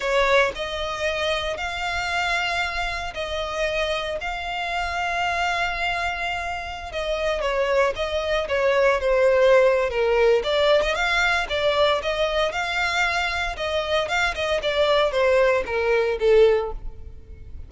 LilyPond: \new Staff \with { instrumentName = "violin" } { \time 4/4 \tempo 4 = 115 cis''4 dis''2 f''4~ | f''2 dis''2 | f''1~ | f''4~ f''16 dis''4 cis''4 dis''8.~ |
dis''16 cis''4 c''4.~ c''16 ais'4 | d''8. dis''16 f''4 d''4 dis''4 | f''2 dis''4 f''8 dis''8 | d''4 c''4 ais'4 a'4 | }